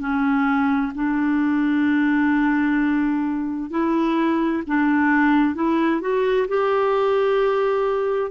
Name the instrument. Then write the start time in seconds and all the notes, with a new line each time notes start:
clarinet
0.00 C#4
0.94 D4
3.70 E4
4.67 D4
5.55 E4
6.00 F#4
6.47 G4